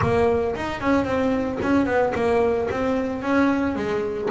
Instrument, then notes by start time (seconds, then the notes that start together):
double bass
0.01 A#3
0.55 D#4
0.81 C#4
1.04 C4
1.62 C#4
1.86 B3
2.14 A#3
2.71 C4
3.21 C#4
3.75 G#3